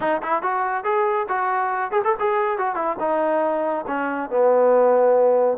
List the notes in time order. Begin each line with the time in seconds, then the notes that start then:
0.00 D#4
0.22 E4
0.42 F#4
0.84 G#4
1.28 F#4
1.91 G#4
2.04 A4
2.19 G#4
2.58 F#4
2.75 E4
2.99 D#4
3.87 C#4
4.30 B3